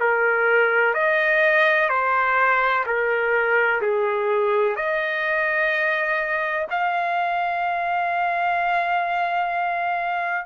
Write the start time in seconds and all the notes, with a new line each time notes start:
0.00 A#4
0.94 D#5
1.89 C5
2.86 A#4
3.81 G#4
4.76 D#5
6.71 F5